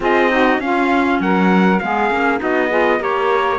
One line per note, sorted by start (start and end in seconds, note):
0.00 0.58 C4
0.00 0.29 F4
0.00 0.31 G#4
0.00 0.60 D#5
0.29 0.59 D#4
0.29 0.61 F#4
0.58 1.18 C#4
0.58 1.79 C#4
0.58 1.22 F4
0.58 1.20 F5
1.19 1.79 F#3
1.19 1.82 A#4
1.19 1.79 F#5
1.79 2.10 G#3
1.79 2.11 B3
1.79 2.39 G#4
1.79 2.39 F5
2.10 2.40 A#3
2.10 2.38 C#4
2.38 3.00 B3
2.38 2.68 D#4
2.38 2.69 F#4
2.38 3.02 D#5
2.69 2.99 F4
2.69 2.98 G#4
2.99 3.58 A#3
2.99 3.58 G4
2.99 3.58 A#4
2.99 3.58 C#5